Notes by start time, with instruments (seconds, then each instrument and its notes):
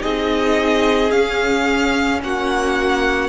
0.00 cello C4, viola D#4, violin G#4 D#5
1.11 viola C#4, cello C#4, violin F5
2.23 cello A#3, violin F#4 F#5